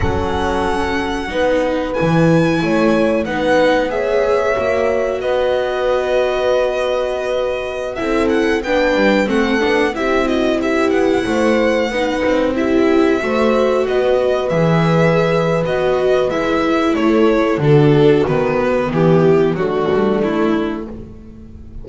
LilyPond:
<<
  \new Staff \with { instrumentName = "violin" } { \time 4/4 \tempo 4 = 92 fis''2. gis''4~ | gis''4 fis''4 e''2 | dis''1~ | dis''16 e''8 fis''8 g''4 fis''4 e''8 dis''16~ |
dis''16 e''8 fis''2~ fis''8 e''8.~ | e''4~ e''16 dis''4 e''4.~ e''16 | dis''4 e''4 cis''4 a'4 | b'4 g'4 fis'4 e'4 | }
  \new Staff \with { instrumentName = "horn" } { \time 4/4 a'2 b'2 | cis''4 b'4 cis''2 | b'1~ | b'16 a'4 b'4 a'4 g'8 fis'16~ |
fis'16 g'4 c''4 b'4 g'8.~ | g'16 c''4 b'2~ b'8.~ | b'2 a'4 fis'4~ | fis'4 e'4 d'2 | }
  \new Staff \with { instrumentName = "viola" } { \time 4/4 cis'2 dis'4 e'4~ | e'4 dis'4 gis'4 fis'4~ | fis'1~ | fis'16 e'4 d'4 c'8 d'8 e'8.~ |
e'2~ e'16 dis'4 e'8.~ | e'16 fis'2 gis'4.~ gis'16 | fis'4 e'2 d'4 | b2 a2 | }
  \new Staff \with { instrumentName = "double bass" } { \time 4/4 fis2 b4 e4 | a4 b2 ais4 | b1~ | b16 c'4 b8 g8 a8 b8 c'8.~ |
c'8. b8 a4 b8 c'4~ c'16~ | c'16 a4 b4 e4.~ e16 | b4 gis4 a4 d4 | dis4 e4 fis8 g8 a4 | }
>>